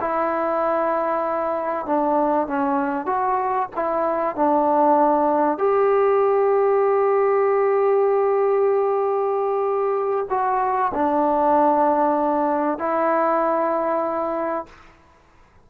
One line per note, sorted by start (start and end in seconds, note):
0.00 1.86 E4
1.86 2.47 D4
2.47 3.06 C#4
3.06 3.68 F#4
3.76 4.35 E4
4.35 5.58 D4
5.58 10.26 G4
10.29 10.92 F#4
10.94 12.78 D4
12.78 14.66 E4